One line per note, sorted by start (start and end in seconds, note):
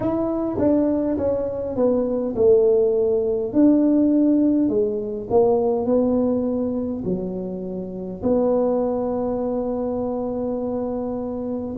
0.00 0.57 E4
0.58 1.17 D4
1.17 1.75 C#4
1.75 2.34 B3
2.35 3.52 A3
3.52 4.68 D4
4.68 5.27 G#3
5.29 5.85 A#3
5.85 7.03 B3
7.04 8.21 F#3
8.22 11.75 B3